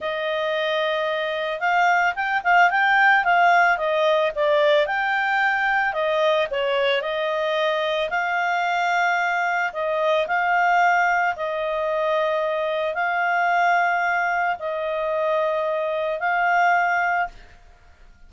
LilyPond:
\new Staff \with { instrumentName = "clarinet" } { \time 4/4 \tempo 4 = 111 dis''2. f''4 | g''8 f''8 g''4 f''4 dis''4 | d''4 g''2 dis''4 | cis''4 dis''2 f''4~ |
f''2 dis''4 f''4~ | f''4 dis''2. | f''2. dis''4~ | dis''2 f''2 | }